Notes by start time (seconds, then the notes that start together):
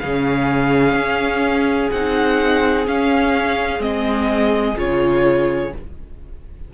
0.00 C#3 C#4 G#4 F5
0.94 C#4
1.91 C4 D#4 F#5
2.86 C#4 F5
3.79 G#3 C4 D#5
4.76 C#3 F4 C#5